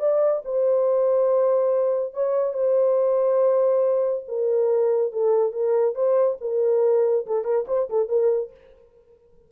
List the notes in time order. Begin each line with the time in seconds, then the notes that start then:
0.00 D5
0.45 C5
2.14 C#5
2.54 C5
4.28 A#4
5.13 A4
5.53 A#4
5.95 C5
6.41 A#4
7.27 A4
7.45 A#4
7.68 C5
7.90 A4
8.09 A#4